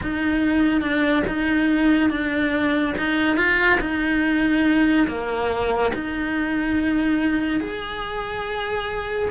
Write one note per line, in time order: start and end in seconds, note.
0.02 0.81 D#4
0.81 1.23 D4
1.27 2.09 D#4
2.09 2.94 D4
2.98 3.36 D#4
3.36 3.79 F4
3.80 5.07 D#4
5.07 5.92 A#3
5.94 7.60 D#4
7.60 9.29 G#4